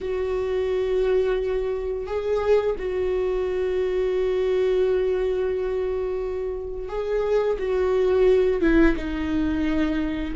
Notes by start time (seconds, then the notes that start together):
0.00 F#4
2.06 G#4
2.78 F#4
6.88 G#4
7.58 F#4
8.61 E4
8.96 D#4